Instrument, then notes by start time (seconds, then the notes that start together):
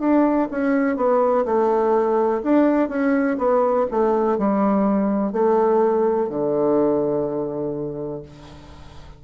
bassoon
0.00 D4
0.51 C#4
0.97 B3
1.46 A3
2.44 D4
2.89 C#4
3.38 B3
3.91 A3
4.39 G3
5.33 A3
6.29 D3